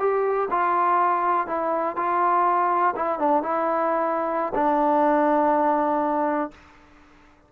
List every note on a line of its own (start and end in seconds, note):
0.00 0.49 G4
0.51 1.48 F4
1.48 1.97 E4
1.97 2.95 F4
2.96 3.19 E4
3.19 3.43 D4
3.43 4.54 E4
4.55 6.52 D4